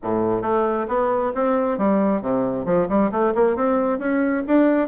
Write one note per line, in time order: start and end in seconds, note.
0.03 0.42 A2
0.42 0.86 A3
0.88 1.32 B3
1.34 1.78 C4
1.78 2.21 G3
2.21 2.65 C3
2.65 2.87 F3
2.88 3.11 G3
3.11 3.33 A3
3.34 3.56 A#3
3.56 3.98 C4
3.98 4.43 C#4
4.47 4.88 D4